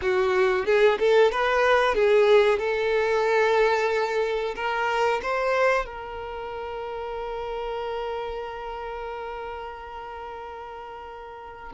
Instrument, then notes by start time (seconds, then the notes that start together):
violin
0.01 F#4
0.65 G#4
0.99 A4
1.31 B4
1.94 G#4
2.58 A4
4.55 A#4
5.22 C5
5.85 A#4